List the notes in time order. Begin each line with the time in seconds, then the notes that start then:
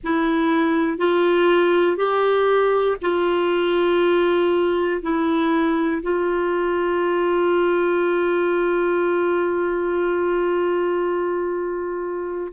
0.03 E4
0.97 F4
1.96 G4
3.01 F4
5.02 E4
6.02 F4